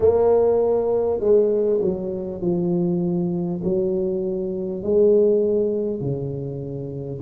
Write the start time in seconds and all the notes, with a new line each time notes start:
0.00 A#3
1.19 G#3
1.81 F#3
2.41 F3
3.64 F#3
4.83 G#3
6.00 C#3